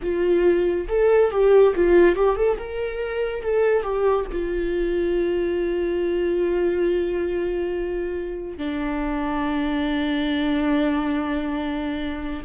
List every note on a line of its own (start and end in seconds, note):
0.02 0.87 F4
0.88 1.31 A4
1.31 1.73 G4
1.75 2.15 F4
2.15 2.36 G4
2.36 2.57 A4
2.58 3.42 A#4
3.42 3.82 A4
3.82 4.25 G4
4.32 8.57 F4
8.57 12.43 D4